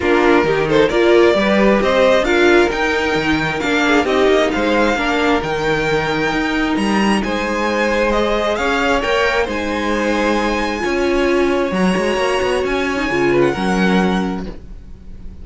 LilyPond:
<<
  \new Staff \with { instrumentName = "violin" } { \time 4/4 \tempo 4 = 133 ais'4. c''8 d''2 | dis''4 f''4 g''2 | f''4 dis''4 f''2 | g''2. ais''4 |
gis''2 dis''4 f''4 | g''4 gis''2.~ | gis''2 ais''2 | gis''4.~ gis''16 fis''2~ fis''16 | }
  \new Staff \with { instrumentName = "violin" } { \time 4/4 f'4 g'8 a'8 ais'4 b'4 | c''4 ais'2.~ | ais'8 gis'8 g'4 c''4 ais'4~ | ais'1 |
c''2. cis''4~ | cis''4 c''2. | cis''1~ | cis''4. b'8 ais'2 | }
  \new Staff \with { instrumentName = "viola" } { \time 4/4 d'4 dis'4 f'4 g'4~ | g'4 f'4 dis'2 | d'4 dis'2 d'4 | dis'1~ |
dis'2 gis'2 | ais'4 dis'2. | f'2 fis'2~ | fis'8. dis'16 f'4 cis'2 | }
  \new Staff \with { instrumentName = "cello" } { \time 4/4 ais4 dis4 ais4 g4 | c'4 d'4 dis'4 dis4 | ais4 c'8 ais8 gis4 ais4 | dis2 dis'4 g4 |
gis2. cis'4 | ais4 gis2. | cis'2 fis8 gis8 ais8 b8 | cis'4 cis4 fis2 | }
>>